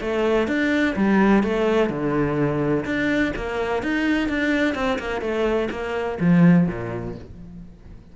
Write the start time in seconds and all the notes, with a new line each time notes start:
0.00 A3
0.47 D4
0.96 G3
1.43 A3
1.89 D3
2.85 D4
3.36 A#3
3.82 D#4
4.29 D4
4.75 C4
4.98 A#3
5.21 A3
5.71 A#3
6.20 F3
6.67 A#2